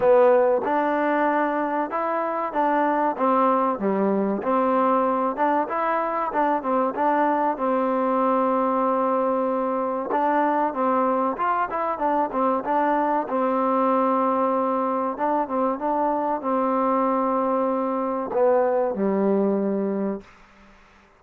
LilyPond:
\new Staff \with { instrumentName = "trombone" } { \time 4/4 \tempo 4 = 95 b4 d'2 e'4 | d'4 c'4 g4 c'4~ | c'8 d'8 e'4 d'8 c'8 d'4 | c'1 |
d'4 c'4 f'8 e'8 d'8 c'8 | d'4 c'2. | d'8 c'8 d'4 c'2~ | c'4 b4 g2 | }